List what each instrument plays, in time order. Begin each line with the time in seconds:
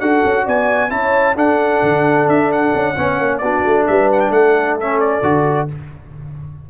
0.00 tuba D4, trombone F#4, horn A4, trumpet F#5
0.25 tuba C#4
0.44 tuba B3, horn D5, trumpet G#5
0.90 tuba C#4, trombone E4, horn C#5, trumpet A5
1.35 tuba D4, trombone D4, horn A4, trumpet F#5
1.82 tuba D3
2.27 tuba D4, trumpet E5
2.52 trumpet F#5
2.74 tuba C#4
2.95 tuba B3, trombone C#4, horn C#5
3.19 tuba A#3
3.38 tuba B3, trombone D4, horn F#4, trumpet D5
3.65 tuba A3
3.87 tuba G3, horn B4, trumpet E5
4.12 trumpet F#5
4.20 trumpet G5
4.29 tuba A3, horn A4, trumpet F#5
4.80 trombone C#4, trumpet E5
5.00 trumpet D5
5.22 tuba D3, trombone F#4